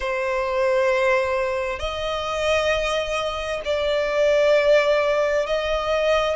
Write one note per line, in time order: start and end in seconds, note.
0.00 1.79 C5
1.79 3.61 D#5
3.64 5.46 D5
5.46 6.36 D#5